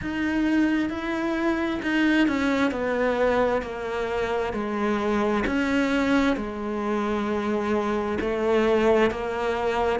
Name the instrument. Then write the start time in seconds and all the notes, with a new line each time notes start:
cello
0.01 D#4
0.89 E4
1.82 D#4
2.27 C#4
2.71 B3
3.62 A#3
4.52 G#3
5.46 C#4
6.36 G#3
8.20 A3
9.10 A#3